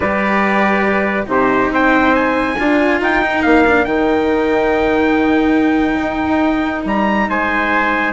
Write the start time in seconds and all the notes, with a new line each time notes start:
0.00 G3 G4 B4 D5
1.26 C3 D#4 G4 C5
1.70 C4 C5 G5
2.14 G#5
2.58 D4 F4 A#4
3.00 D#4 G5
3.22 D#4
3.42 A#3 F5
3.66 D4
3.84 D#3 D#4 G5
6.00 D#4
6.85 G3 A#5
7.28 G#3 C5 G#5